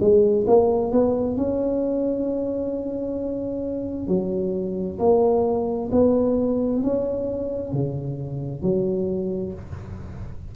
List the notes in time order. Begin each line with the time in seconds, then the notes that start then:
0.00 G#3
0.47 A#3
0.92 B3
1.37 C#4
4.07 F#3
4.99 A#3
5.92 B3
6.83 C#4
7.73 C#3
8.62 F#3